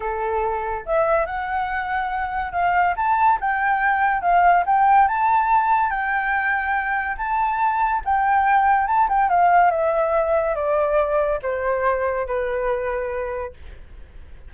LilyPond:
\new Staff \with { instrumentName = "flute" } { \time 4/4 \tempo 4 = 142 a'2 e''4 fis''4~ | fis''2 f''4 a''4 | g''2 f''4 g''4 | a''2 g''2~ |
g''4 a''2 g''4~ | g''4 a''8 g''8 f''4 e''4~ | e''4 d''2 c''4~ | c''4 b'2. | }